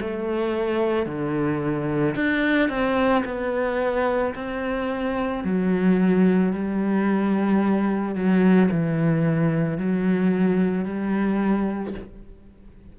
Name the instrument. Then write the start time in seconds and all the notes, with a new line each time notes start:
cello
0.00 A3
1.06 D3
2.15 D4
2.69 C4
3.24 B3
4.34 C4
5.44 F#3
6.53 G3
8.15 F#3
8.70 E3
9.78 F#3
10.84 G3